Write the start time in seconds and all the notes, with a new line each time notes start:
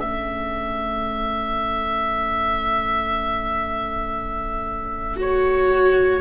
0.00 A3 C#4 A4 E5
5.17 F#4 C#5